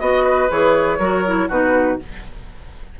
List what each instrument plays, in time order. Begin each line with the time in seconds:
0.00 bassoon B3, clarinet F#4, flute D#5, oboe D#5
0.24 oboe B4
0.50 bassoon E3, clarinet G#4, flute C#5
0.99 bassoon F#3, clarinet F#4, oboe A#4
1.26 clarinet E4
1.49 bassoon B2, clarinet D#4, oboe F#4, flute B4